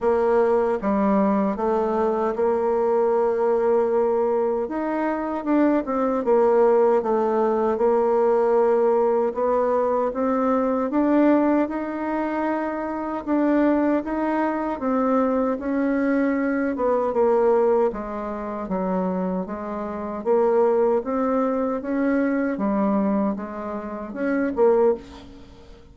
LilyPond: \new Staff \with { instrumentName = "bassoon" } { \time 4/4 \tempo 4 = 77 ais4 g4 a4 ais4~ | ais2 dis'4 d'8 c'8 | ais4 a4 ais2 | b4 c'4 d'4 dis'4~ |
dis'4 d'4 dis'4 c'4 | cis'4. b8 ais4 gis4 | fis4 gis4 ais4 c'4 | cis'4 g4 gis4 cis'8 ais8 | }